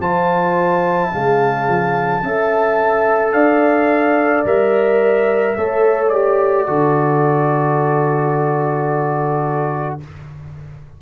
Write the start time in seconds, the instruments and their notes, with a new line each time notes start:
0.00 tuba F3, trombone F4, horn C5, trumpet A5
1.13 trombone C#3, tuba G#3, horn F5
1.69 tuba F3
2.23 tuba C#4, trombone A4, horn E5
3.33 tuba D4, horn D5, trumpet F5
4.45 tuba G3, trombone A#4, trumpet E5
5.57 tuba A3, trombone A4, horn C#5
6.09 trombone G4, trumpet D5
6.67 tuba D3, trombone F#4, horn A4